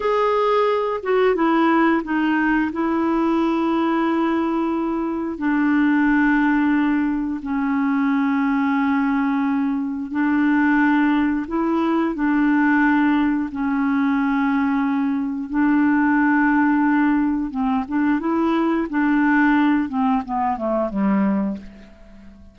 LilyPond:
\new Staff \with { instrumentName = "clarinet" } { \time 4/4 \tempo 4 = 89 gis'4. fis'8 e'4 dis'4 | e'1 | d'2. cis'4~ | cis'2. d'4~ |
d'4 e'4 d'2 | cis'2. d'4~ | d'2 c'8 d'8 e'4 | d'4. c'8 b8 a8 g4 | }